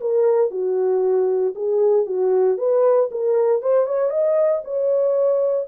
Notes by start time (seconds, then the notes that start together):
0.00 A#4
0.51 F#4
1.55 G#4
2.06 F#4
2.57 B4
3.11 A#4
3.62 C5
3.86 C#5
4.10 D#5
4.64 C#5